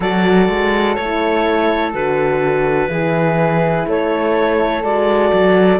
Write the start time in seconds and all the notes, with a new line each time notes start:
0.00 F#3 F#4 A4 D5
0.48 G#3
0.95 A3 E4 C#5
1.93 D3 F#4 B4
2.88 E3 E4 G#4
3.86 A3 A4 C#5
4.83 G#3 F#4 D5
5.32 F#3